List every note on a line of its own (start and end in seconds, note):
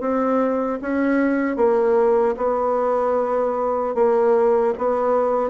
0.00 0.79 C4
0.81 1.56 C#4
1.56 2.35 A#3
2.36 3.94 B3
3.94 4.73 A#3
4.78 5.49 B3